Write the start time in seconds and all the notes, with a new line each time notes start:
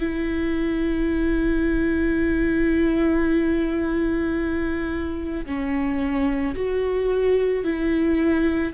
0.00 E4
5.46 C#4
6.55 F#4
7.64 E4